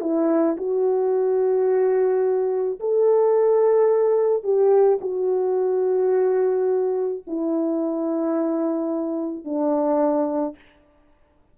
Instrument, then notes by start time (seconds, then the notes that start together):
horn
0.00 E4
0.57 F#4
2.79 A4
4.43 G4
5.01 F#4
7.26 E4
9.44 D4